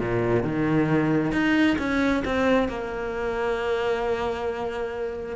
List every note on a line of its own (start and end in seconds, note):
0.00 0.43 A#2
0.43 1.32 D#3
1.32 1.77 D#4
1.78 2.23 C#4
2.25 2.69 C4
2.69 5.36 A#3